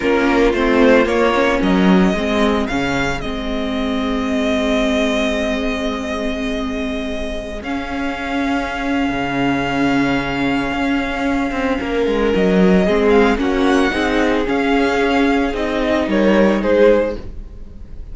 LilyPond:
<<
  \new Staff \with { instrumentName = "violin" } { \time 4/4 \tempo 4 = 112 ais'4 c''4 cis''4 dis''4~ | dis''4 f''4 dis''2~ | dis''1~ | dis''2~ dis''16 f''4.~ f''16~ |
f''1~ | f''2. dis''4~ | dis''8 f''8 fis''2 f''4~ | f''4 dis''4 cis''4 c''4 | }
  \new Staff \with { instrumentName = "violin" } { \time 4/4 f'2. ais'4 | gis'1~ | gis'1~ | gis'1~ |
gis'1~ | gis'2 ais'2 | gis'4 fis'4 gis'2~ | gis'2 ais'4 gis'4 | }
  \new Staff \with { instrumentName = "viola" } { \time 4/4 cis'4 c'4 ais8 cis'4. | c'4 cis'4 c'2~ | c'1~ | c'2~ c'16 cis'4.~ cis'16~ |
cis'1~ | cis'1 | c'4 cis'4 dis'4 cis'4~ | cis'4 dis'2. | }
  \new Staff \with { instrumentName = "cello" } { \time 4/4 ais4 a4 ais4 fis4 | gis4 cis4 gis2~ | gis1~ | gis2~ gis16 cis'4.~ cis'16~ |
cis'4 cis2. | cis'4. c'8 ais8 gis8 fis4 | gis4 ais4 c'4 cis'4~ | cis'4 c'4 g4 gis4 | }
>>